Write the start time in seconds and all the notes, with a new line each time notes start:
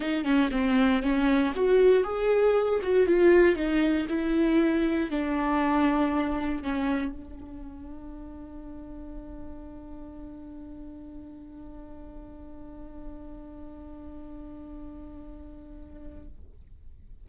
0.00 D#4
0.24 C#4
0.51 C4
1.02 C#4
1.55 F#4
2.03 G#4
2.82 F#4
3.06 F4
3.55 D#4
4.08 E4
5.10 D4
6.62 C#4
7.11 D4